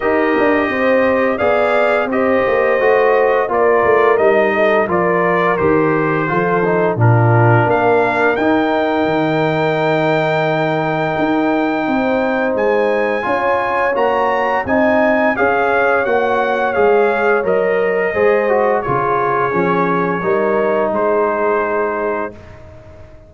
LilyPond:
<<
  \new Staff \with { instrumentName = "trumpet" } { \time 4/4 \tempo 4 = 86 dis''2 f''4 dis''4~ | dis''4 d''4 dis''4 d''4 | c''2 ais'4 f''4 | g''1~ |
g''2 gis''2 | ais''4 gis''4 f''4 fis''4 | f''4 dis''2 cis''4~ | cis''2 c''2 | }
  \new Staff \with { instrumentName = "horn" } { \time 4/4 ais'4 c''4 d''4 c''4~ | c''4 ais'4. a'8 ais'4~ | ais'4 a'4 f'4 ais'4~ | ais'1~ |
ais'4 c''2 cis''4~ | cis''4 dis''4 cis''2~ | cis''2 c''4 gis'4~ | gis'4 ais'4 gis'2 | }
  \new Staff \with { instrumentName = "trombone" } { \time 4/4 g'2 gis'4 g'4 | fis'4 f'4 dis'4 f'4 | g'4 f'8 dis'8 d'2 | dis'1~ |
dis'2. f'4 | fis'4 dis'4 gis'4 fis'4 | gis'4 ais'4 gis'8 fis'8 f'4 | cis'4 dis'2. | }
  \new Staff \with { instrumentName = "tuba" } { \time 4/4 dis'8 d'8 c'4 b4 c'8 ais8 | a4 ais8 a8 g4 f4 | dis4 f4 ais,4 ais4 | dis'4 dis2. |
dis'4 c'4 gis4 cis'4 | ais4 c'4 cis'4 ais4 | gis4 fis4 gis4 cis4 | f4 g4 gis2 | }
>>